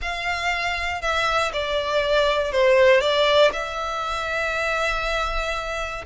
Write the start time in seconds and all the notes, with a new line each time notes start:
0.01 F5
1.01 E5
1.52 D5
2.51 C5
3.00 D5
3.52 E5